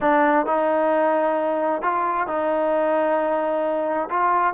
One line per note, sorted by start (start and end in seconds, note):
0.00 0.45 D4
0.45 1.82 D#4
1.82 2.27 F4
2.27 4.09 D#4
4.10 4.54 F4